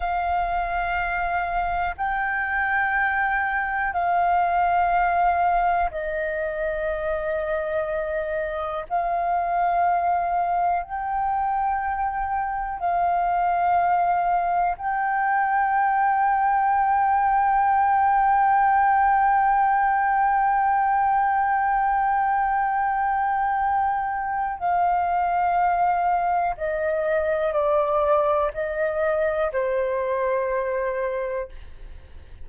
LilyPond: \new Staff \with { instrumentName = "flute" } { \time 4/4 \tempo 4 = 61 f''2 g''2 | f''2 dis''2~ | dis''4 f''2 g''4~ | g''4 f''2 g''4~ |
g''1~ | g''1~ | g''4 f''2 dis''4 | d''4 dis''4 c''2 | }